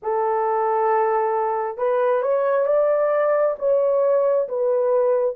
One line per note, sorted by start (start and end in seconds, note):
0.02 1.77 A4
1.77 2.22 B4
2.22 2.66 C#5
2.66 3.56 D5
3.58 4.48 C#5
4.48 5.36 B4